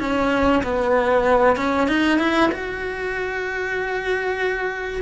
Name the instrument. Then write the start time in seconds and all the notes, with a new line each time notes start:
cello
0.00 C#4
0.64 B3
1.57 C#4
1.88 D#4
2.19 E4
2.52 F#4